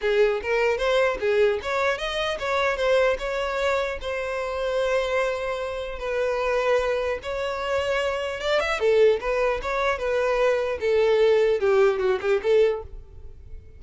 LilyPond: \new Staff \with { instrumentName = "violin" } { \time 4/4 \tempo 4 = 150 gis'4 ais'4 c''4 gis'4 | cis''4 dis''4 cis''4 c''4 | cis''2 c''2~ | c''2. b'4~ |
b'2 cis''2~ | cis''4 d''8 e''8 a'4 b'4 | cis''4 b'2 a'4~ | a'4 g'4 fis'8 g'8 a'4 | }